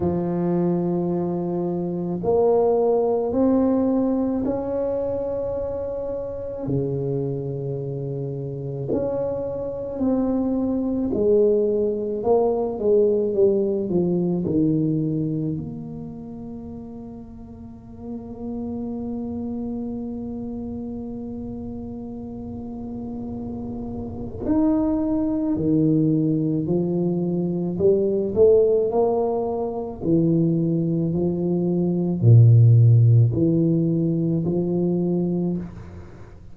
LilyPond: \new Staff \with { instrumentName = "tuba" } { \time 4/4 \tempo 4 = 54 f2 ais4 c'4 | cis'2 cis2 | cis'4 c'4 gis4 ais8 gis8 | g8 f8 dis4 ais2~ |
ais1~ | ais2 dis'4 dis4 | f4 g8 a8 ais4 e4 | f4 ais,4 e4 f4 | }